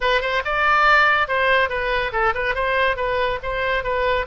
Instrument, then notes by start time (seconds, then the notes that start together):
oboe
0.00 B4
0.21 C5
0.44 D5
1.27 C5
1.69 B4
2.12 A4
2.34 B4
2.54 C5
2.96 B4
3.43 C5
3.83 B4